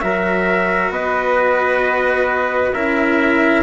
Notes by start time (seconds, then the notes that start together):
0.00 F#3 F#4 A#4 E5
0.89 B3 B4 D#5
2.73 C#4 E4 A#4 E5